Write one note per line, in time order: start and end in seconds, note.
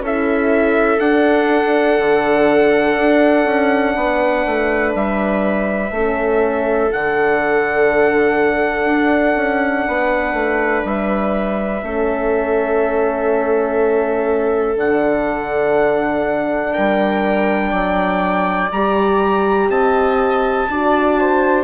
0.00 0.98 C#4
0.00 0.99 E4
0.00 3.96 A4
0.00 0.99 E5
0.99 5.91 D4
0.99 1.98 D4
0.99 4.93 F#5
1.98 2.97 D3
2.97 3.45 D4
3.45 3.94 C#4
3.96 4.45 B3
3.96 5.93 B4
4.46 4.94 A3
4.94 5.91 G3
4.94 6.92 E5
5.91 6.89 A3
5.91 6.92 C#4
5.91 9.87 A4
6.92 8.85 D3
6.92 11.82 D4
6.92 10.85 F#5
8.85 9.34 D4
9.36 9.85 C#4
9.87 10.33 B3
9.87 11.84 B4
10.33 10.82 A3
10.84 11.82 G3
10.84 14.78 E5
11.82 14.76 A3
11.82 14.77 C#4
11.82 16.74 A4
14.76 16.73 D3
14.76 18.70 D4
14.76 16.73 F#5
16.73 17.72 G3
16.73 17.71 A#4
16.73 18.70 G5
17.71 18.70 F#3
17.71 19.68 D5
18.72 19.69 G3
18.72 20.70 G4
18.72 19.70 A#5
19.69 20.67 C4
19.69 20.69 D#5
19.69 21.64 A5
20.69 21.64 D4
20.69 21.64 F#4
20.69 21.19 D5
21.19 21.64 C5